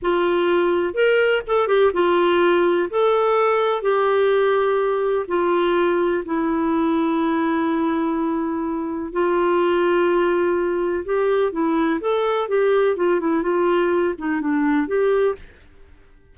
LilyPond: \new Staff \with { instrumentName = "clarinet" } { \time 4/4 \tempo 4 = 125 f'2 ais'4 a'8 g'8 | f'2 a'2 | g'2. f'4~ | f'4 e'2.~ |
e'2. f'4~ | f'2. g'4 | e'4 a'4 g'4 f'8 e'8 | f'4. dis'8 d'4 g'4 | }